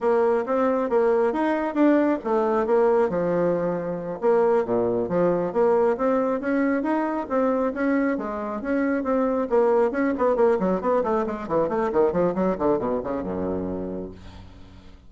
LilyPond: \new Staff \with { instrumentName = "bassoon" } { \time 4/4 \tempo 4 = 136 ais4 c'4 ais4 dis'4 | d'4 a4 ais4 f4~ | f4. ais4 ais,4 f8~ | f8 ais4 c'4 cis'4 dis'8~ |
dis'8 c'4 cis'4 gis4 cis'8~ | cis'8 c'4 ais4 cis'8 b8 ais8 | fis8 b8 a8 gis8 e8 a8 dis8 f8 | fis8 d8 b,8 cis8 fis,2 | }